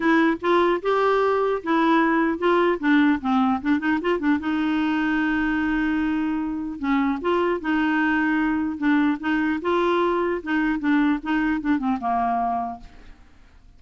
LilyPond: \new Staff \with { instrumentName = "clarinet" } { \time 4/4 \tempo 4 = 150 e'4 f'4 g'2 | e'2 f'4 d'4 | c'4 d'8 dis'8 f'8 d'8 dis'4~ | dis'1~ |
dis'4 cis'4 f'4 dis'4~ | dis'2 d'4 dis'4 | f'2 dis'4 d'4 | dis'4 d'8 c'8 ais2 | }